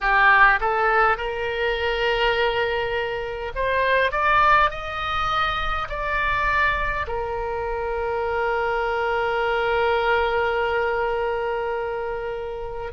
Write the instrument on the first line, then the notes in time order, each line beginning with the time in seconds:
oboe
0.00 G4
0.60 A4
1.17 A#4
3.55 C5
4.11 D5
4.70 D#5
5.88 D5
7.06 A#4